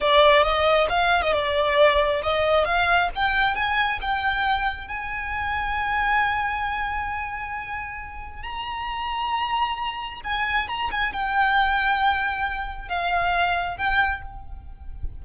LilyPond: \new Staff \with { instrumentName = "violin" } { \time 4/4 \tempo 4 = 135 d''4 dis''4 f''8. dis''16 d''4~ | d''4 dis''4 f''4 g''4 | gis''4 g''2 gis''4~ | gis''1~ |
gis''2. ais''4~ | ais''2. gis''4 | ais''8 gis''8 g''2.~ | g''4 f''2 g''4 | }